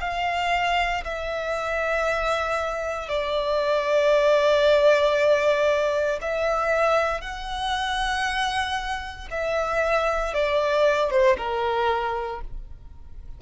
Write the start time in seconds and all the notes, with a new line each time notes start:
0.00 F5
1.04 E5
3.08 D5
6.21 E5
7.21 F#5
9.31 E5
10.34 D5
11.10 C5
11.37 A#4